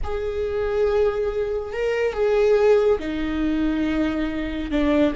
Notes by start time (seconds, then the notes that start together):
0.03 G#4
1.72 A#4
2.13 G#4
2.99 D#4
4.70 D4